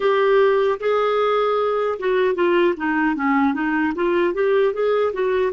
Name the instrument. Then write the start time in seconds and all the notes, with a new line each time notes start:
clarinet
0.00 G4
0.80 G#4
1.99 F#4
2.35 F4
2.76 D#4
3.15 C#4
3.53 D#4
3.95 F4
4.33 G4
4.73 G#4
5.13 F#4